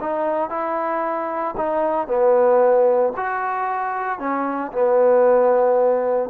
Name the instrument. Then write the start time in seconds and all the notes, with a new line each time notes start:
trombone
0.00 D#4
0.49 E4
1.57 D#4
2.07 B3
3.16 F#4
4.19 C#4
4.72 B3